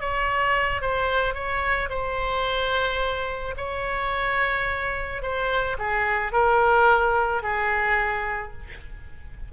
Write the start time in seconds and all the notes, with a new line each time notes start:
0.00 C#5
0.81 C5
1.34 C#5
1.89 C5
3.57 C#5
5.22 C5
5.78 G#4
6.32 A#4
7.42 G#4